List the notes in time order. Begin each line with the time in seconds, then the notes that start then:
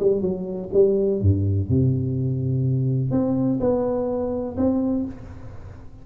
0.00 G3
0.22 F#3
0.74 G3
1.22 G2
1.70 C3
3.11 C4
3.61 B3
4.57 C4